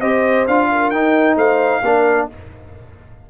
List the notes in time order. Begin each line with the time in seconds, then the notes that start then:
0.00 C4 G4 C5 D#5
0.47 D4 F4 F5
0.72 A#4
0.90 D#4 G5
1.36 A3 C5 F5
1.83 A#3 D4 A#4